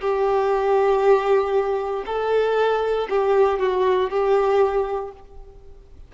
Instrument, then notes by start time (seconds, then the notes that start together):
violin
0.00 G4
2.06 A4
3.09 G4
3.59 F#4
4.10 G4